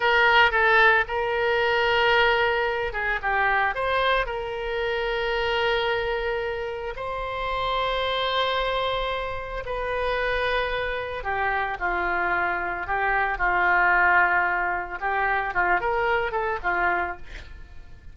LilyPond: \new Staff \with { instrumentName = "oboe" } { \time 4/4 \tempo 4 = 112 ais'4 a'4 ais'2~ | ais'4. gis'8 g'4 c''4 | ais'1~ | ais'4 c''2.~ |
c''2 b'2~ | b'4 g'4 f'2 | g'4 f'2. | g'4 f'8 ais'4 a'8 f'4 | }